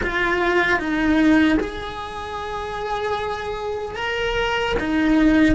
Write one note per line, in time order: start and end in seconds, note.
0.02 0.79 F4
0.79 1.58 D#4
1.59 3.95 G#4
3.95 4.74 A#4
4.79 5.55 D#4